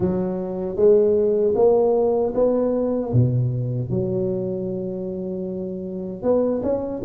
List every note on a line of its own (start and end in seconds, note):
0.00 0.76 F#3
0.76 1.54 G#3
1.55 2.33 A#3
2.34 3.12 B3
3.12 3.90 B2
3.90 6.22 F#3
6.22 6.61 B3
6.62 7.01 C#4